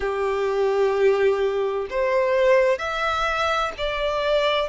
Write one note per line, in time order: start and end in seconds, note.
0.00 1.87 G4
1.90 2.78 C5
2.78 3.72 E5
3.77 4.69 D5